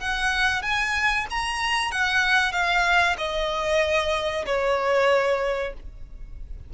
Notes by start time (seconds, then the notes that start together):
0.00 F#5
0.63 G#5
1.31 A#5
1.92 F#5
2.53 F5
3.18 D#5
4.46 C#5